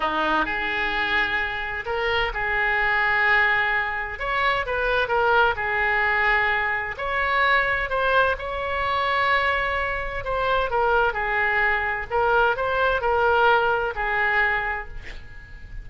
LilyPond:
\new Staff \with { instrumentName = "oboe" } { \time 4/4 \tempo 4 = 129 dis'4 gis'2. | ais'4 gis'2.~ | gis'4 cis''4 b'4 ais'4 | gis'2. cis''4~ |
cis''4 c''4 cis''2~ | cis''2 c''4 ais'4 | gis'2 ais'4 c''4 | ais'2 gis'2 | }